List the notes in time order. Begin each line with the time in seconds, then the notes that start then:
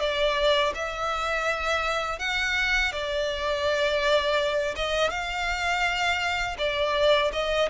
0.00 D5
0.75 E5
2.19 F#5
2.92 D5
4.76 D#5
5.10 F5
6.58 D5
7.32 D#5